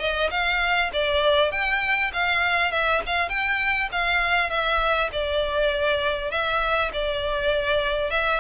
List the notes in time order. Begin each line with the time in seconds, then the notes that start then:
0.00 D#5
0.31 F5
0.93 D5
1.52 G5
2.13 F5
2.72 E5
3.07 F5
3.29 G5
3.92 F5
4.50 E5
5.12 D5
6.31 E5
6.93 D5
8.11 E5